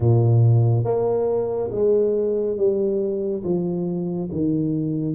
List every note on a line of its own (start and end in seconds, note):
0.00 0.84 A#2
0.84 1.70 A#3
1.71 2.57 G#3
2.57 3.43 G3
3.43 4.29 F3
4.31 5.15 D#3